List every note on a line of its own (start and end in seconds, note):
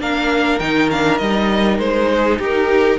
0.00 0.60 A#3
0.00 0.60 D4
0.00 2.11 A#4
0.00 0.59 F5
0.59 1.20 D#3
0.59 0.90 D#4
0.59 0.89 G5
0.91 1.21 D4
0.91 1.18 F5
1.18 1.78 G3
1.18 2.99 D#4
1.18 1.78 D#5
1.78 2.38 G#3
1.78 2.39 C5
2.11 2.39 G#4
2.39 2.99 D#4
2.39 2.99 G4
2.39 2.99 A#4